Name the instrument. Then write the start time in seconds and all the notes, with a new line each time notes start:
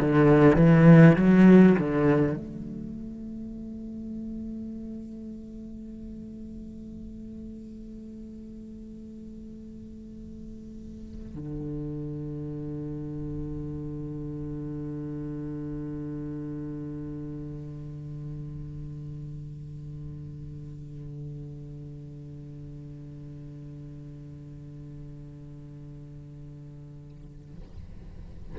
cello
0.00 D3
0.56 E3
1.16 F#3
1.79 D3
2.36 A3
11.35 D3